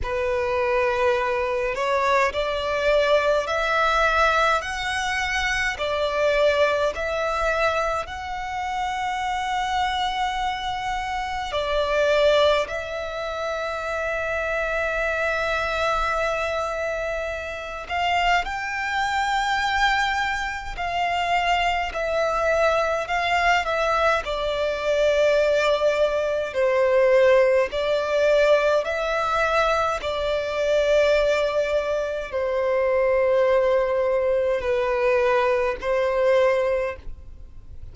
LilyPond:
\new Staff \with { instrumentName = "violin" } { \time 4/4 \tempo 4 = 52 b'4. cis''8 d''4 e''4 | fis''4 d''4 e''4 fis''4~ | fis''2 d''4 e''4~ | e''2.~ e''8 f''8 |
g''2 f''4 e''4 | f''8 e''8 d''2 c''4 | d''4 e''4 d''2 | c''2 b'4 c''4 | }